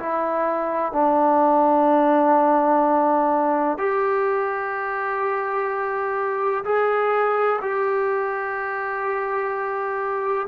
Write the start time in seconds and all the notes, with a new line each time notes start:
0.00 E4
0.93 D4
3.79 G4
6.65 G#4
7.62 G4